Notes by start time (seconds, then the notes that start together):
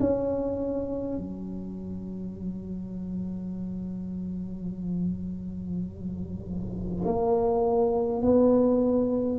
0.00 C#4
1.17 F#3
7.05 A#3
8.22 B3